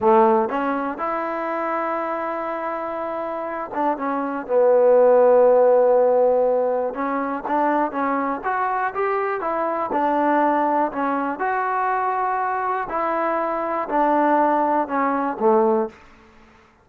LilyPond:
\new Staff \with { instrumentName = "trombone" } { \time 4/4 \tempo 4 = 121 a4 cis'4 e'2~ | e'2.~ e'8 d'8 | cis'4 b2.~ | b2 cis'4 d'4 |
cis'4 fis'4 g'4 e'4 | d'2 cis'4 fis'4~ | fis'2 e'2 | d'2 cis'4 a4 | }